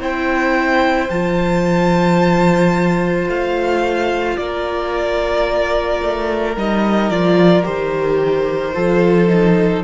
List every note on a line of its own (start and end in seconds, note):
0.00 1.09 C4
0.00 1.10 E4
0.00 4.37 C5
0.00 1.10 G5
1.10 3.28 F3
1.10 6.56 F4
1.10 3.28 A5
3.28 4.37 A3
3.28 4.37 F5
4.37 6.02 A#3
4.37 8.75 A#4
4.37 6.55 D5
6.02 6.57 A3
6.57 7.10 G3
6.57 7.12 D#4
6.57 7.10 D#5
7.10 7.65 F3
7.10 7.64 F4
7.10 7.65 D5
7.64 8.76 D#3
7.64 8.73 G4
7.64 9.83 C5
8.74 9.85 F3
8.74 9.28 F4
8.74 9.84 A4
9.29 9.83 D#4